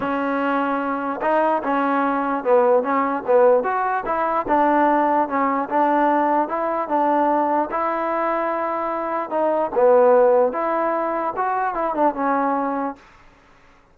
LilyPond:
\new Staff \with { instrumentName = "trombone" } { \time 4/4 \tempo 4 = 148 cis'2. dis'4 | cis'2 b4 cis'4 | b4 fis'4 e'4 d'4~ | d'4 cis'4 d'2 |
e'4 d'2 e'4~ | e'2. dis'4 | b2 e'2 | fis'4 e'8 d'8 cis'2 | }